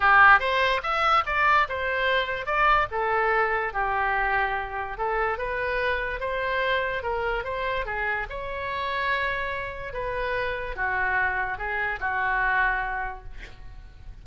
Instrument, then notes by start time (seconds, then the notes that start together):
oboe
0.00 G4
0.39 C5
0.82 E5
1.26 D5
1.68 C5
2.45 D5
2.91 A4
3.73 G4
4.97 A4
5.37 B4
6.20 C5
7.02 A#4
7.44 C5
7.85 G#4
8.29 C#5
9.93 B4
10.75 F#4
11.58 G#4
12.00 F#4